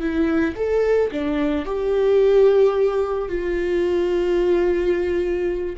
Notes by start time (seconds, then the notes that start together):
0.00 E4
0.56 A4
1.11 D4
1.65 G4
3.29 F4